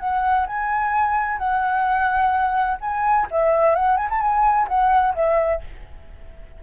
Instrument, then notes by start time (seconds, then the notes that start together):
flute
0.00 F#5
0.47 G#5
1.38 F#5
2.81 G#5
3.31 E5
3.75 F#5
3.97 G#5
4.10 A5
4.21 G#5
4.68 F#5
5.15 E5